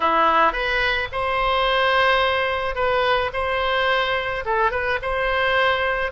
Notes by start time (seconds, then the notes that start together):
0.00 E4
0.52 B4
1.12 C5
2.75 B4
3.33 C5
4.45 A4
4.71 B4
5.02 C5